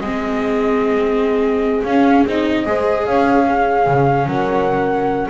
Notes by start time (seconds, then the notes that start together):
0.00 G#3 C4 G#4 D#5
1.84 C#4 F5
2.26 C4 D#4 D#5
2.65 G#3 G#4 C5
3.06 C#4 C#5 F5
3.46 C#4 G#4
3.87 C#3
4.26 F#3 A#4 F#5